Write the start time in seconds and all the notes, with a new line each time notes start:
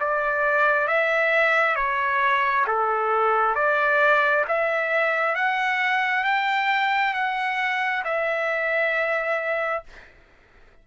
0.00 D5
0.87 E5
1.75 C#5
2.67 A4
3.55 D5
4.48 E5
5.35 F#5
6.24 G5
7.14 F#5
8.04 E5